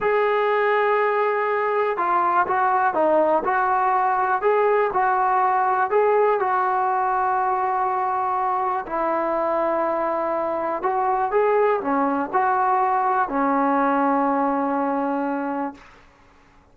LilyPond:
\new Staff \with { instrumentName = "trombone" } { \time 4/4 \tempo 4 = 122 gis'1 | f'4 fis'4 dis'4 fis'4~ | fis'4 gis'4 fis'2 | gis'4 fis'2.~ |
fis'2 e'2~ | e'2 fis'4 gis'4 | cis'4 fis'2 cis'4~ | cis'1 | }